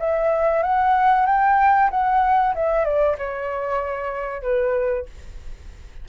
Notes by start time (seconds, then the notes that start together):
0.00 E5
0.63 F#5
1.26 G5
1.91 F#5
2.55 E5
2.85 D5
3.18 C#5
4.42 B4